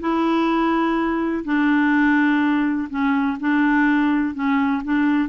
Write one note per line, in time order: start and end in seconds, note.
0.00 1.44 E4
1.44 2.88 D4
2.90 3.38 C#4
3.40 4.34 D4
4.34 4.82 C#4
4.84 5.29 D4